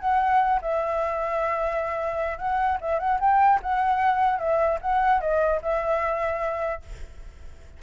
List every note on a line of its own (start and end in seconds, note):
0.00 0.60 F#5
0.62 2.38 E5
2.38 2.78 F#5
2.81 2.99 E5
2.99 3.19 F#5
3.20 3.60 G5
3.63 4.39 F#5
4.39 4.79 E5
4.81 5.21 F#5
5.21 5.61 D#5
5.62 6.82 E5